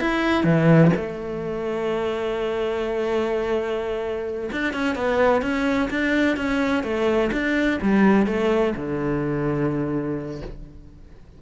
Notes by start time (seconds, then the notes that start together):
0.00 E4
0.44 E3
0.96 A3
4.52 D4
4.73 C#4
4.95 B3
5.42 C#4
5.90 D4
6.36 C#4
6.83 A3
7.32 D4
7.82 G3
8.26 A3
8.76 D3